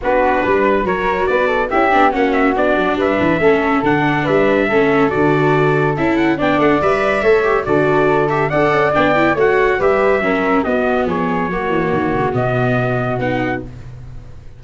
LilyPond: <<
  \new Staff \with { instrumentName = "trumpet" } { \time 4/4 \tempo 4 = 141 b'2 cis''4 d''4 | e''4 fis''8 e''8 d''4 e''4~ | e''4 fis''4 e''2 | d''2 e''8 fis''8 g''8 fis''8 |
e''2 d''4. e''8 | fis''4 g''4 fis''4 e''4~ | e''4 dis''4 cis''2~ | cis''4 dis''2 fis''4 | }
  \new Staff \with { instrumentName = "flute" } { \time 4/4 fis'4 b'4 ais'4 b'8 a'8 | g'4 fis'2 b'4 | a'2 b'4 a'4~ | a'2. d''4~ |
d''4 cis''4 a'2 | d''2 cis''4 b'4 | ais'4 fis'4 gis'4 fis'4~ | fis'1 | }
  \new Staff \with { instrumentName = "viola" } { \time 4/4 d'2 fis'2 | e'8 d'8 cis'4 d'2 | cis'4 d'2 cis'4 | fis'2 e'4 d'4 |
b'4 a'8 g'8 fis'4. g'8 | a'4 d'8 e'8 fis'4 g'4 | cis'4 b2 ais4~ | ais4 b2 dis'4 | }
  \new Staff \with { instrumentName = "tuba" } { \time 4/4 b4 g4 fis4 b4 | cis'8 b8 ais4 b8 fis8 g8 e8 | a4 d4 g4 a4 | d2 cis'4 b8 a8 |
g4 a4 d2 | d'8 cis'8 b4 a4 g4 | fis4 b4 f4 fis8 e8 | dis8 cis8 b,2 b4 | }
>>